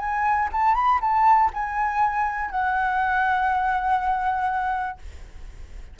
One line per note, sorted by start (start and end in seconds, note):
0.00 0.50 G#5
0.53 0.75 A5
0.75 1.00 B5
1.02 1.51 A5
1.54 2.51 G#5
2.51 4.99 F#5